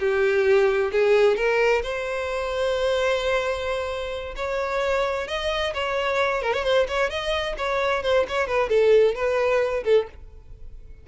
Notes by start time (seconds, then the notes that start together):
0.00 G4
0.92 G#4
1.37 A#4
1.83 C5
4.36 C#5
5.28 D#5
5.74 C#5
6.42 A#4
6.54 C#5
6.64 C5
6.88 C#5
7.10 D#5
7.58 C#5
8.03 C5
8.29 C#5
8.48 B4
8.70 A4
9.15 B4
9.84 A4